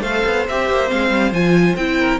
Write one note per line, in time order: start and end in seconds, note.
0.00 0.22 A3
0.00 0.46 A4
0.00 1.95 C5
0.00 0.45 F5
0.25 0.47 B3
0.48 0.69 C4
0.48 0.87 G4
0.48 0.89 E5
0.69 0.91 A#3
0.87 1.10 G#3
0.87 1.30 C4
0.87 1.33 F5
1.10 1.31 G3
1.31 1.74 F3
1.31 1.77 F4
1.31 1.76 G#5
1.76 2.19 C4
1.76 2.19 E4
1.76 2.19 G5
1.99 2.19 A#4